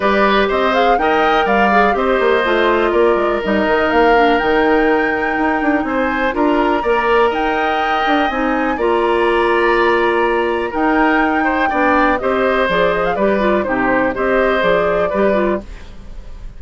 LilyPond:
<<
  \new Staff \with { instrumentName = "flute" } { \time 4/4 \tempo 4 = 123 d''4 dis''8 f''8 g''4 f''4 | dis''2 d''4 dis''4 | f''4 g''2. | gis''4 ais''2 g''4~ |
g''4 gis''4 ais''2~ | ais''2 g''2~ | g''4 dis''4 d''8 dis''16 f''16 d''4 | c''4 dis''4 d''2 | }
  \new Staff \with { instrumentName = "oboe" } { \time 4/4 b'4 c''4 dis''4 d''4 | c''2 ais'2~ | ais'1 | c''4 ais'4 d''4 dis''4~ |
dis''2 d''2~ | d''2 ais'4. c''8 | d''4 c''2 b'4 | g'4 c''2 b'4 | }
  \new Staff \with { instrumentName = "clarinet" } { \time 4/4 g'4. gis'8 ais'4. gis'8 | g'4 f'2 dis'4~ | dis'8 d'8 dis'2.~ | dis'4 f'4 ais'2~ |
ais'4 dis'4 f'2~ | f'2 dis'2 | d'4 g'4 gis'4 g'8 f'8 | dis'4 g'4 gis'4 g'8 f'8 | }
  \new Staff \with { instrumentName = "bassoon" } { \time 4/4 g4 c'4 dis'4 g4 | c'8 ais8 a4 ais8 gis8 g8 dis8 | ais4 dis2 dis'8 d'8 | c'4 d'4 ais4 dis'4~ |
dis'8 d'8 c'4 ais2~ | ais2 dis'2 | b4 c'4 f4 g4 | c4 c'4 f4 g4 | }
>>